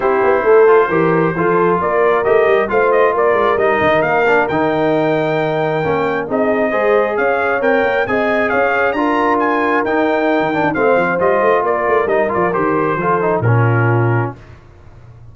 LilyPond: <<
  \new Staff \with { instrumentName = "trumpet" } { \time 4/4 \tempo 4 = 134 c''1 | d''4 dis''4 f''8 dis''8 d''4 | dis''4 f''4 g''2~ | g''2 dis''2 |
f''4 g''4 gis''4 f''4 | ais''4 gis''4 g''2 | f''4 dis''4 d''4 dis''8 d''8 | c''2 ais'2 | }
  \new Staff \with { instrumentName = "horn" } { \time 4/4 g'4 a'4 ais'4 a'4 | ais'2 c''4 ais'4~ | ais'1~ | ais'2 gis'4 c''4 |
cis''2 dis''4 cis''4 | ais'1 | c''2 ais'2~ | ais'4 a'4 f'2 | }
  \new Staff \with { instrumentName = "trombone" } { \time 4/4 e'4. f'8 g'4 f'4~ | f'4 g'4 f'2 | dis'4. d'8 dis'2~ | dis'4 cis'4 dis'4 gis'4~ |
gis'4 ais'4 gis'2 | f'2 dis'4. d'8 | c'4 f'2 dis'8 f'8 | g'4 f'8 dis'8 cis'2 | }
  \new Staff \with { instrumentName = "tuba" } { \time 4/4 c'8 b8 a4 e4 f4 | ais4 a8 g8 a4 ais8 gis8 | g8 dis8 ais4 dis2~ | dis4 ais4 c'4 gis4 |
cis'4 c'8 ais8 c'4 cis'4 | d'2 dis'4~ dis'16 dis8 dis'16 | a8 f8 g8 a8 ais8 a8 g8 f8 | dis4 f4 ais,2 | }
>>